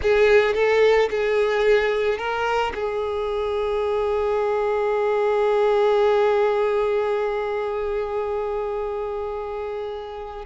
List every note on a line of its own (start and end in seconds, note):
0.02 0.54 G#4
0.54 1.09 A4
1.10 2.17 G#4
2.17 2.72 A#4
2.74 10.45 G#4